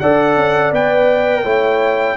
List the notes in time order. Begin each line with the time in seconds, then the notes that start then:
0.00 D4 A4 D5 F#5
0.36 C#4
0.72 B3 B4 G5
1.43 A3 E4 C#5